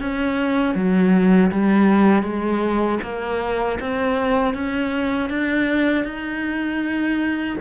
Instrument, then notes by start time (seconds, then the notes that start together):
cello
0.00 C#4
0.75 F#3
1.51 G3
2.23 G#3
3.03 A#3
3.80 C4
4.54 C#4
5.30 D4
6.04 D#4